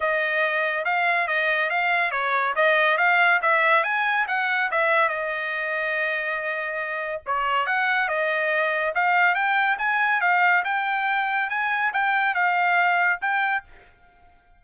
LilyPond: \new Staff \with { instrumentName = "trumpet" } { \time 4/4 \tempo 4 = 141 dis''2 f''4 dis''4 | f''4 cis''4 dis''4 f''4 | e''4 gis''4 fis''4 e''4 | dis''1~ |
dis''4 cis''4 fis''4 dis''4~ | dis''4 f''4 g''4 gis''4 | f''4 g''2 gis''4 | g''4 f''2 g''4 | }